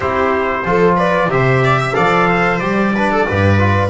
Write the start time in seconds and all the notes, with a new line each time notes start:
0.00 C4 E4 G4 C5
0.64 F3 F4 A4
0.96 B4 D5
1.28 C3 G4 C5 E5
1.64 D5
1.79 E5
1.94 F3 A4 D5 F5
2.27 C5
2.59 G3 G4 D5
2.95 D4 B4
3.11 A4
3.26 G2 G4 B4
3.58 F4